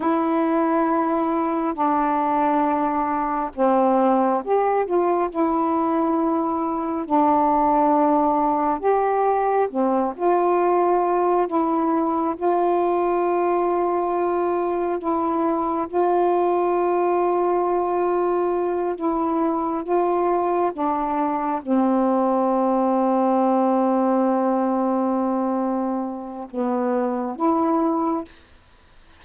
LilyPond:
\new Staff \with { instrumentName = "saxophone" } { \time 4/4 \tempo 4 = 68 e'2 d'2 | c'4 g'8 f'8 e'2 | d'2 g'4 c'8 f'8~ | f'4 e'4 f'2~ |
f'4 e'4 f'2~ | f'4. e'4 f'4 d'8~ | d'8 c'2.~ c'8~ | c'2 b4 e'4 | }